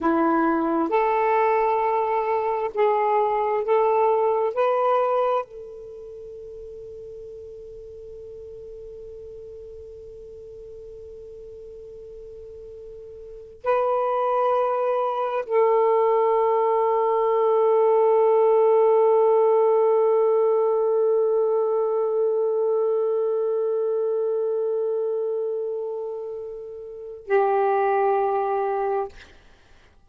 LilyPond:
\new Staff \with { instrumentName = "saxophone" } { \time 4/4 \tempo 4 = 66 e'4 a'2 gis'4 | a'4 b'4 a'2~ | a'1~ | a'2. b'4~ |
b'4 a'2.~ | a'1~ | a'1~ | a'2 g'2 | }